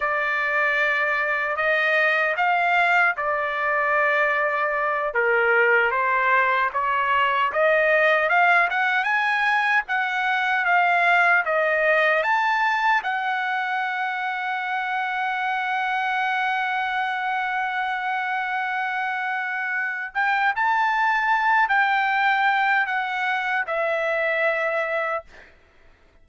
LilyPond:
\new Staff \with { instrumentName = "trumpet" } { \time 4/4 \tempo 4 = 76 d''2 dis''4 f''4 | d''2~ d''8 ais'4 c''8~ | c''8 cis''4 dis''4 f''8 fis''8 gis''8~ | gis''8 fis''4 f''4 dis''4 a''8~ |
a''8 fis''2.~ fis''8~ | fis''1~ | fis''4. g''8 a''4. g''8~ | g''4 fis''4 e''2 | }